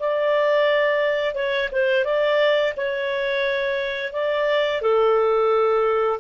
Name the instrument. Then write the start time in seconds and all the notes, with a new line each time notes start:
clarinet
0.00 D5
1.35 C#5
1.72 C5
2.05 D5
2.77 C#5
4.13 D5
4.82 A4